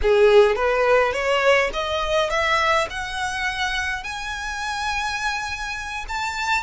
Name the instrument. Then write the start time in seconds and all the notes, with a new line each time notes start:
violin
0.02 G#4
0.55 B4
1.12 C#5
1.73 D#5
2.30 E5
2.90 F#5
4.03 G#5
6.08 A5